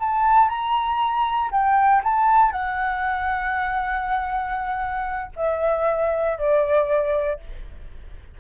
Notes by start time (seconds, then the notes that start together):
0.00 A5
0.49 A#5
1.52 G5
2.04 A5
2.52 F#5
5.37 E5
6.39 D5